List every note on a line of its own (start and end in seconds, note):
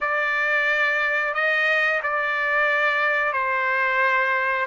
0.00 1.34 D5
1.34 2.00 D#5
2.02 3.32 D5
3.32 4.66 C5